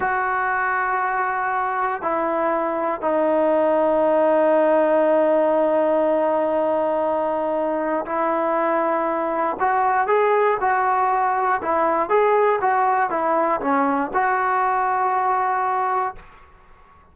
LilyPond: \new Staff \with { instrumentName = "trombone" } { \time 4/4 \tempo 4 = 119 fis'1 | e'2 dis'2~ | dis'1~ | dis'1 |
e'2. fis'4 | gis'4 fis'2 e'4 | gis'4 fis'4 e'4 cis'4 | fis'1 | }